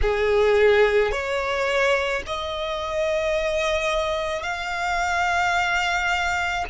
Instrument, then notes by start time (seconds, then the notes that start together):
violin
0.01 G#4
1.11 C#5
2.26 D#5
4.42 F5